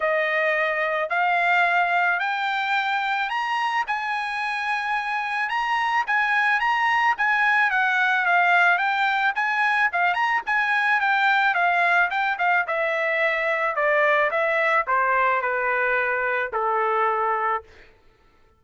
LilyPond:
\new Staff \with { instrumentName = "trumpet" } { \time 4/4 \tempo 4 = 109 dis''2 f''2 | g''2 ais''4 gis''4~ | gis''2 ais''4 gis''4 | ais''4 gis''4 fis''4 f''4 |
g''4 gis''4 f''8 ais''8 gis''4 | g''4 f''4 g''8 f''8 e''4~ | e''4 d''4 e''4 c''4 | b'2 a'2 | }